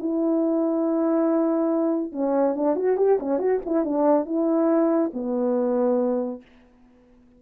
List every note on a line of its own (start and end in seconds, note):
0.00 2.13 E4
2.13 2.56 C#4
2.56 2.76 D4
2.76 2.97 F#4
2.98 3.19 G4
3.20 3.39 C#4
3.39 3.60 F#4
3.66 3.85 E4
3.85 4.26 D4
4.26 5.11 E4
5.14 6.42 B3